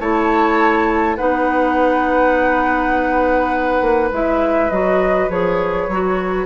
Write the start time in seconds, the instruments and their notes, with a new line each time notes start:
0.00 bassoon A3, clarinet E4, oboe C#5, flute A5
1.17 bassoon B3, clarinet D#4, oboe B4, flute F#5
3.81 bassoon A#3
4.12 bassoon G#3, clarinet E4, flute E5
4.70 bassoon F#3, clarinet F#4, flute D#5
5.29 bassoon F3, clarinet G#4, flute C#5
5.88 bassoon F#3, clarinet F#4